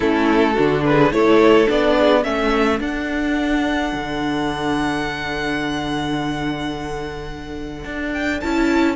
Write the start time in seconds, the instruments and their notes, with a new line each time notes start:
0.00 cello A3, viola C#4, violin E4 A4
0.53 cello D3, viola D4, violin F#4
0.84 violin G#4 B4
1.11 cello A3, viola E4, violin A4 C#5
1.66 cello B3, viola D4, violin D5
1.98 violin G#4
2.23 cello A3, viola C#4, violin A4 E5
2.79 viola D4, cello D4, violin F#5
3.93 cello D3
7.84 cello D4
8.12 violin G5
8.40 cello C#4, viola E4, violin A5